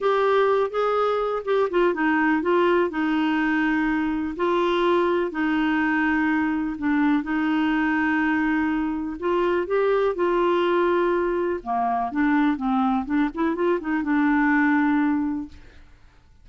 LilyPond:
\new Staff \with { instrumentName = "clarinet" } { \time 4/4 \tempo 4 = 124 g'4. gis'4. g'8 f'8 | dis'4 f'4 dis'2~ | dis'4 f'2 dis'4~ | dis'2 d'4 dis'4~ |
dis'2. f'4 | g'4 f'2. | ais4 d'4 c'4 d'8 e'8 | f'8 dis'8 d'2. | }